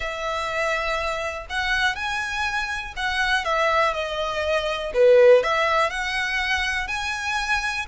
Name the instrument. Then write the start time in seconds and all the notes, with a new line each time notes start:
violin
0.00 E5
1.49 F#5
1.95 G#5
2.96 F#5
3.44 E5
3.93 D#5
4.94 B4
5.43 E5
5.89 F#5
6.87 G#5